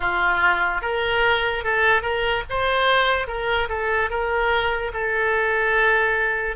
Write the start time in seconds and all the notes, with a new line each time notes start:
0.00 F4
0.81 A#4
1.64 A4
2.02 A#4
2.49 C5
3.27 A#4
3.68 A4
4.09 A#4
4.93 A4